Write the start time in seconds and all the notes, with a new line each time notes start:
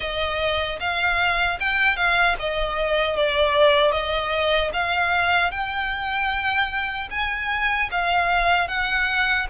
0.00 D#5
0.79 F5
1.60 G5
1.96 F5
2.39 D#5
3.16 D5
3.91 D#5
4.73 F5
5.50 G5
7.10 G#5
7.91 F5
8.68 F#5